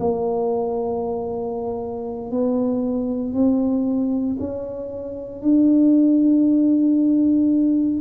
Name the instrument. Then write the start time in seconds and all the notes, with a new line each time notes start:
tuba
0.00 A#3
2.31 B3
3.34 C4
4.40 C#4
5.43 D4